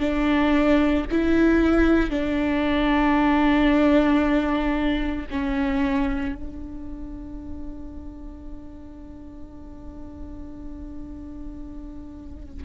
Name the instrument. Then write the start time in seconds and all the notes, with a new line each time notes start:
viola
0.00 D4
1.11 E4
2.11 D4
5.31 C#4
6.35 D4